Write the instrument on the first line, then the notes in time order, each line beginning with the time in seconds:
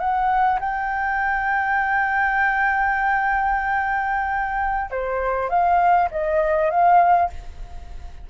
flute
0.00 F#5
0.60 G5
4.91 C5
5.50 F5
6.11 D#5
6.70 F5